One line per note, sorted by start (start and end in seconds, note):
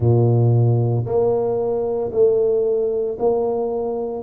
0.00 1.05 A#2
1.05 2.11 A#3
2.12 3.17 A3
3.19 4.22 A#3